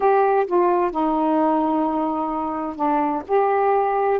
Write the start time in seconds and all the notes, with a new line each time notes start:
0.00 G4
0.46 F4
0.91 D#4
2.76 D4
3.27 G4